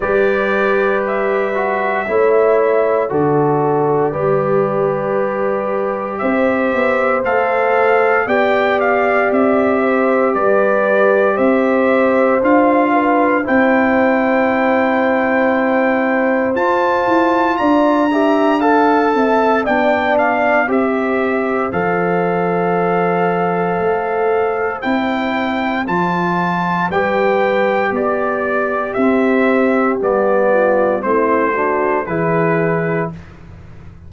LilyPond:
<<
  \new Staff \with { instrumentName = "trumpet" } { \time 4/4 \tempo 4 = 58 d''4 e''2 d''4~ | d''2 e''4 f''4 | g''8 f''8 e''4 d''4 e''4 | f''4 g''2. |
a''4 ais''4 a''4 g''8 f''8 | e''4 f''2. | g''4 a''4 g''4 d''4 | e''4 d''4 c''4 b'4 | }
  \new Staff \with { instrumentName = "horn" } { \time 4/4 b'2 cis''4 a'4 | b'2 c''2 | d''4. c''8 b'4 c''4~ | c''8 b'8 c''2.~ |
c''4 d''8 e''8 f''8 e''8 d''4 | c''1~ | c''2 b'4 g'4~ | g'4. f'8 e'8 fis'8 gis'4 | }
  \new Staff \with { instrumentName = "trombone" } { \time 4/4 g'4. fis'8 e'4 fis'4 | g'2. a'4 | g'1 | f'4 e'2. |
f'4. g'8 a'4 d'4 | g'4 a'2. | e'4 f'4 g'2 | c'4 b4 c'8 d'8 e'4 | }
  \new Staff \with { instrumentName = "tuba" } { \time 4/4 g2 a4 d4 | g2 c'8 b8 a4 | b4 c'4 g4 c'4 | d'4 c'2. |
f'8 e'8 d'4. c'8 b4 | c'4 f2 a4 | c'4 f4 g4 b4 | c'4 g4 a4 e4 | }
>>